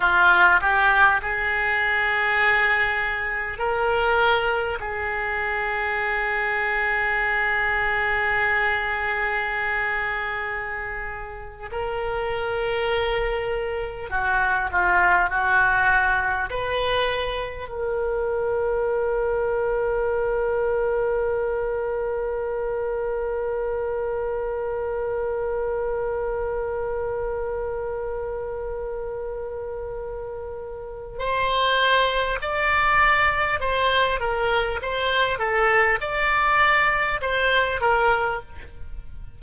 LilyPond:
\new Staff \with { instrumentName = "oboe" } { \time 4/4 \tempo 4 = 50 f'8 g'8 gis'2 ais'4 | gis'1~ | gis'4.~ gis'16 ais'2 fis'16~ | fis'16 f'8 fis'4 b'4 ais'4~ ais'16~ |
ais'1~ | ais'1~ | ais'2 c''4 d''4 | c''8 ais'8 c''8 a'8 d''4 c''8 ais'8 | }